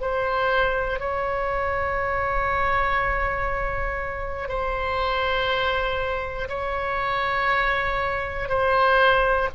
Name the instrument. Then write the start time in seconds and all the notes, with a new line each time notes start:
oboe
0.00 C5
0.99 C#5
4.48 C5
6.48 C#5
8.48 C5